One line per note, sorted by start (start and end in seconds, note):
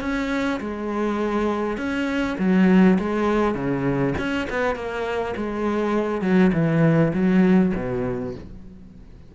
0.00 0.59 C#4
0.60 1.77 G#3
1.77 2.36 C#4
2.38 2.98 F#3
2.99 3.54 G#3
3.54 4.14 C#3
4.18 4.47 C#4
4.50 4.75 B3
4.75 5.34 A#3
5.36 6.21 G#3
6.21 6.51 F#3
6.53 7.12 E3
7.13 7.72 F#3
7.75 8.34 B2